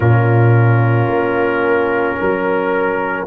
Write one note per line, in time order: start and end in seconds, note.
0.00 1.07 A#2
0.00 3.26 C#4
0.00 2.17 F4
0.00 3.26 A#4
1.07 2.16 A#3
2.17 3.26 F#3
2.17 3.26 A#4